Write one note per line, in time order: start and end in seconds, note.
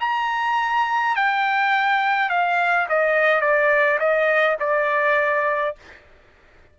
0.00 1.15 A#5
1.15 2.29 G5
2.29 2.87 F5
2.88 3.41 D#5
3.41 3.99 D5
3.99 4.57 D#5
4.59 5.75 D5